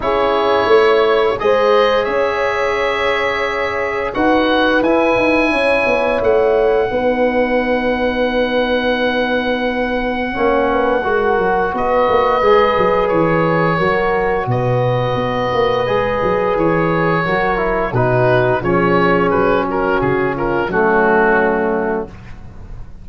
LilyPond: <<
  \new Staff \with { instrumentName = "oboe" } { \time 4/4 \tempo 4 = 87 cis''2 dis''4 e''4~ | e''2 fis''4 gis''4~ | gis''4 fis''2.~ | fis''1~ |
fis''4 dis''2 cis''4~ | cis''4 dis''2. | cis''2 b'4 cis''4 | b'8 ais'8 gis'8 ais'8 fis'2 | }
  \new Staff \with { instrumentName = "horn" } { \time 4/4 gis'4 cis''4 c''4 cis''4~ | cis''2 b'2 | cis''2 b'2~ | b'2. cis''8 b'8 |
ais'4 b'2. | ais'4 b'2.~ | b'4 ais'4 fis'4 gis'4~ | gis'8 fis'4 f'8 cis'2 | }
  \new Staff \with { instrumentName = "trombone" } { \time 4/4 e'2 gis'2~ | gis'2 fis'4 e'4~ | e'2 dis'2~ | dis'2. cis'4 |
fis'2 gis'2 | fis'2. gis'4~ | gis'4 fis'8 e'8 dis'4 cis'4~ | cis'2 a2 | }
  \new Staff \with { instrumentName = "tuba" } { \time 4/4 cis'4 a4 gis4 cis'4~ | cis'2 dis'4 e'8 dis'8 | cis'8 b8 a4 b2~ | b2. ais4 |
gis8 fis8 b8 ais8 gis8 fis8 e4 | fis4 b,4 b8 ais8 gis8 fis8 | e4 fis4 b,4 f4 | fis4 cis4 fis2 | }
>>